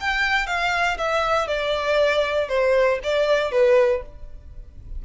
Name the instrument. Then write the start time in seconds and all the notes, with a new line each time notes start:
violin
0.00 G5
0.46 F5
0.97 E5
1.47 D5
2.48 C5
3.03 D5
3.51 B4